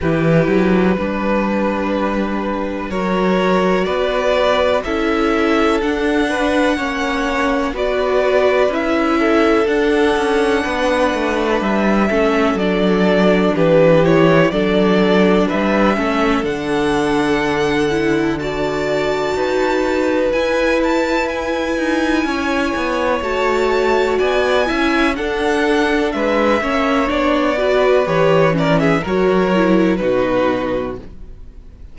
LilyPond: <<
  \new Staff \with { instrumentName = "violin" } { \time 4/4 \tempo 4 = 62 b'2. cis''4 | d''4 e''4 fis''2 | d''4 e''4 fis''2 | e''4 d''4 b'8 cis''8 d''4 |
e''4 fis''2 a''4~ | a''4 gis''8 a''8 gis''2 | a''4 gis''4 fis''4 e''4 | d''4 cis''8 d''16 e''16 cis''4 b'4 | }
  \new Staff \with { instrumentName = "violin" } { \time 4/4 g'4 b'2 ais'4 | b'4 a'4. b'8 cis''4 | b'4. a'4. b'4~ | b'8 a'4. g'4 a'4 |
b'8 a'2~ a'8 d''4 | b'2. cis''4~ | cis''4 d''8 e''8 a'4 b'8 cis''8~ | cis''8 b'4 ais'16 gis'16 ais'4 fis'4 | }
  \new Staff \with { instrumentName = "viola" } { \time 4/4 e'4 d'2 fis'4~ | fis'4 e'4 d'4 cis'4 | fis'4 e'4 d'2~ | d'8 cis'8 d'4. e'8 d'4~ |
d'8 cis'8 d'4. e'8 fis'4~ | fis'4 e'2. | fis'4. e'8 d'4. cis'8 | d'8 fis'8 g'8 cis'8 fis'8 e'8 dis'4 | }
  \new Staff \with { instrumentName = "cello" } { \time 4/4 e8 fis8 g2 fis4 | b4 cis'4 d'4 ais4 | b4 cis'4 d'8 cis'8 b8 a8 | g8 a8 fis4 e4 fis4 |
g8 a8 d2. | dis'4 e'4. dis'8 cis'8 b8 | a4 b8 cis'8 d'4 gis8 ais8 | b4 e4 fis4 b,4 | }
>>